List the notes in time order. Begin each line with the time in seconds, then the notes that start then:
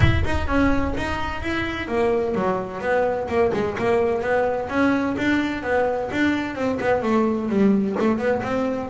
0.00 E4
0.24 D#4
0.47 C#4
0.97 D#4
1.41 E4
1.87 A#3
2.34 F#3
2.80 B3
3.28 A#3
3.53 G#3
3.78 A#3
4.21 B3
4.69 C#4
5.17 D4
5.62 B3
6.11 D4
6.55 C4
6.80 B3
7.02 A3
7.49 G3
7.99 A3
8.18 B3
8.42 C4